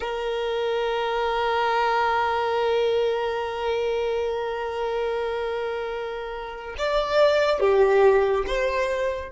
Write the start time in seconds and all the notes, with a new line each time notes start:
0.00 A#4
6.78 D5
7.60 G4
8.47 C5